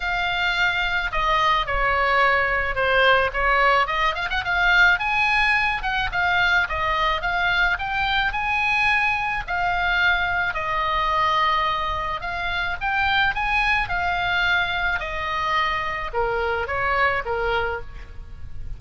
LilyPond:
\new Staff \with { instrumentName = "oboe" } { \time 4/4 \tempo 4 = 108 f''2 dis''4 cis''4~ | cis''4 c''4 cis''4 dis''8 f''16 fis''16 | f''4 gis''4. fis''8 f''4 | dis''4 f''4 g''4 gis''4~ |
gis''4 f''2 dis''4~ | dis''2 f''4 g''4 | gis''4 f''2 dis''4~ | dis''4 ais'4 cis''4 ais'4 | }